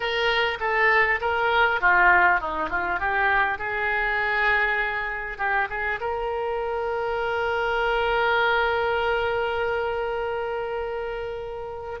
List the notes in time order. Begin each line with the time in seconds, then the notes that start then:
0.00 A#4
0.60 A4
1.20 A#4
1.80 F4
2.40 D#4
2.69 F4
2.99 G4
3.58 G#4
5.38 G4
5.69 G#4
6.00 A#4